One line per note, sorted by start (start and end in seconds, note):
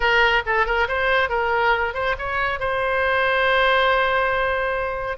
0.00 0.43 A#4
0.45 0.66 A4
0.66 0.87 A#4
0.88 1.29 C5
1.29 1.93 A#4
1.94 2.15 C5
2.18 2.59 C#5
2.59 5.17 C5